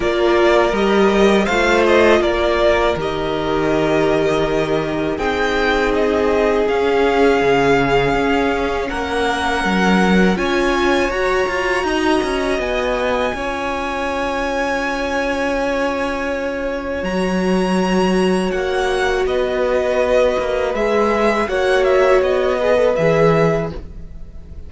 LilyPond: <<
  \new Staff \with { instrumentName = "violin" } { \time 4/4 \tempo 4 = 81 d''4 dis''4 f''8 dis''8 d''4 | dis''2. g''4 | dis''4 f''2. | fis''2 gis''4 ais''4~ |
ais''4 gis''2.~ | gis''2. ais''4~ | ais''4 fis''4 dis''2 | e''4 fis''8 e''8 dis''4 e''4 | }
  \new Staff \with { instrumentName = "violin" } { \time 4/4 ais'2 c''4 ais'4~ | ais'2. gis'4~ | gis'1 | ais'2 cis''2 |
dis''2 cis''2~ | cis''1~ | cis''2 b'2~ | b'4 cis''4. b'4. | }
  \new Staff \with { instrumentName = "viola" } { \time 4/4 f'4 g'4 f'2 | g'2. dis'4~ | dis'4 cis'2.~ | cis'2 f'4 fis'4~ |
fis'2 f'2~ | f'2. fis'4~ | fis'1 | gis'4 fis'4. gis'16 a'16 gis'4 | }
  \new Staff \with { instrumentName = "cello" } { \time 4/4 ais4 g4 a4 ais4 | dis2. c'4~ | c'4 cis'4 cis4 cis'4 | ais4 fis4 cis'4 fis'8 f'8 |
dis'8 cis'8 b4 cis'2~ | cis'2. fis4~ | fis4 ais4 b4. ais8 | gis4 ais4 b4 e4 | }
>>